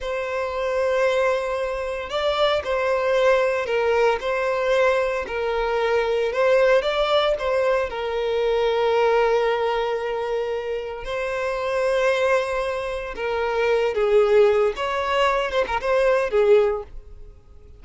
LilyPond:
\new Staff \with { instrumentName = "violin" } { \time 4/4 \tempo 4 = 114 c''1 | d''4 c''2 ais'4 | c''2 ais'2 | c''4 d''4 c''4 ais'4~ |
ais'1~ | ais'4 c''2.~ | c''4 ais'4. gis'4. | cis''4. c''16 ais'16 c''4 gis'4 | }